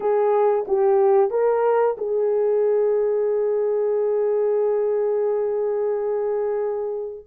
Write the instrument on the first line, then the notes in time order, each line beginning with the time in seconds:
horn
0.00 G#4
0.67 G4
1.30 A#4
1.98 G#4